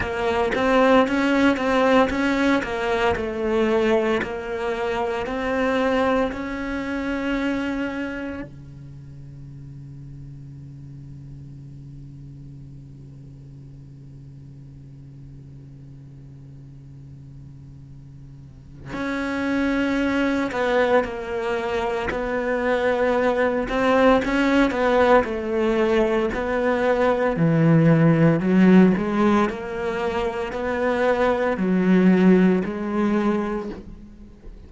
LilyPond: \new Staff \with { instrumentName = "cello" } { \time 4/4 \tempo 4 = 57 ais8 c'8 cis'8 c'8 cis'8 ais8 a4 | ais4 c'4 cis'2 | cis1~ | cis1~ |
cis2 cis'4. b8 | ais4 b4. c'8 cis'8 b8 | a4 b4 e4 fis8 gis8 | ais4 b4 fis4 gis4 | }